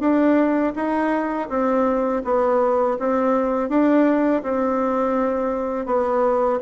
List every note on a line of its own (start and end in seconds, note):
0.00 0.73 D4
0.76 1.49 D#4
1.49 2.23 C4
2.25 2.98 B3
2.99 3.70 C4
3.70 4.43 D4
4.43 5.86 C4
5.86 6.60 B3